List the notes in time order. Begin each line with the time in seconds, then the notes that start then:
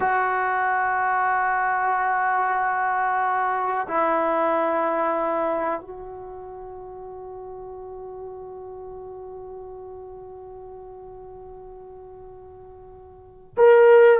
0.00 F#4
3.87 E4
5.80 F#4
13.57 A#4